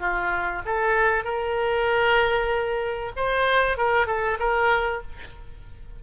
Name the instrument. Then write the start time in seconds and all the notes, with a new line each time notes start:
oboe
0.00 F4
0.66 A4
1.24 A#4
3.16 C5
3.78 A#4
4.07 A4
4.40 A#4